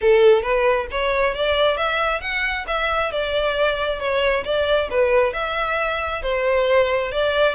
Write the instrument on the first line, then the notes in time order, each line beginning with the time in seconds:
violin
0.01 A4
0.42 B4
0.91 C#5
1.34 D5
1.77 E5
2.21 F#5
2.67 E5
3.11 D5
3.99 C#5
4.44 D5
4.90 B4
5.33 E5
6.22 C5
7.11 D5